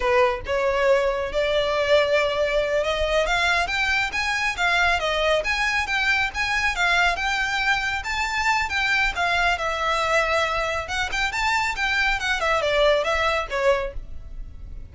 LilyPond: \new Staff \with { instrumentName = "violin" } { \time 4/4 \tempo 4 = 138 b'4 cis''2 d''4~ | d''2~ d''8 dis''4 f''8~ | f''8 g''4 gis''4 f''4 dis''8~ | dis''8 gis''4 g''4 gis''4 f''8~ |
f''8 g''2 a''4. | g''4 f''4 e''2~ | e''4 fis''8 g''8 a''4 g''4 | fis''8 e''8 d''4 e''4 cis''4 | }